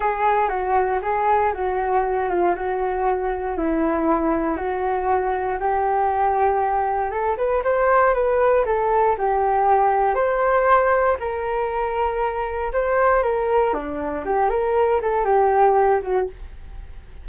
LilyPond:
\new Staff \with { instrumentName = "flute" } { \time 4/4 \tempo 4 = 118 gis'4 fis'4 gis'4 fis'4~ | fis'8 f'8 fis'2 e'4~ | e'4 fis'2 g'4~ | g'2 a'8 b'8 c''4 |
b'4 a'4 g'2 | c''2 ais'2~ | ais'4 c''4 ais'4 d'4 | g'8 ais'4 a'8 g'4. fis'8 | }